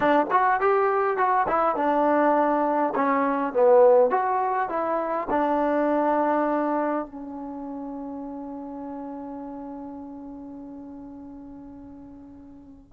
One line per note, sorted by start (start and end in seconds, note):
0.00 0.25 D4
0.30 0.60 F#4
0.60 1.17 G4
1.17 1.46 F#4
1.48 1.76 E4
1.76 2.93 D4
2.95 3.53 C#4
3.53 4.10 B3
4.10 4.69 F#4
4.69 5.28 E4
5.30 7.06 D4
7.06 12.93 C#4